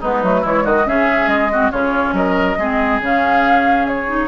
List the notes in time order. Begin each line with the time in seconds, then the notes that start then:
0.00 G#3 B3 D#4 B4
0.22 F#3 A3
0.41 E3 G#3 E4 C#5
0.64 D#3 F#4 D#5
0.85 C#3 C#4 G#4 E5
1.27 G#3 D#5
1.51 C4 F#4
1.71 C#3 C#4 F4 C#5
2.12 F#3 A#4 D#5
2.57 G#3 C4 G#4
3.00 C#3 C#4 F5
3.87 C#5
4.07 D#4